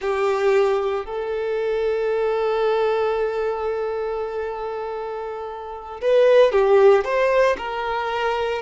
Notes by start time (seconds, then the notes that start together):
0.01 G4
1.05 A4
6.01 B4
6.52 G4
7.04 C5
7.57 A#4